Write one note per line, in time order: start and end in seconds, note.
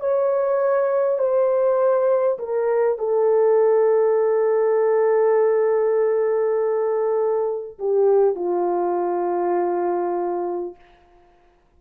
0.00 1.18 C#5
1.18 2.38 C5
2.39 2.98 A#4
2.98 7.78 A4
7.78 8.35 G4
8.35 10.75 F4